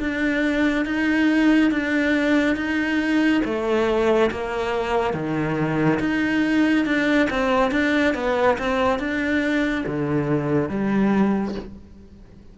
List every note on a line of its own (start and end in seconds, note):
0.00 0.86 D4
0.86 1.71 D#4
1.71 2.56 D4
2.56 3.42 D#4
3.45 4.31 A3
4.31 5.14 A#3
5.14 6.00 D#3
6.00 6.86 D#4
6.86 7.29 D4
7.30 7.72 C4
7.72 8.15 D4
8.15 8.58 B3
8.59 8.99 C4
8.99 9.85 D4
9.87 10.69 D3
10.69 11.55 G3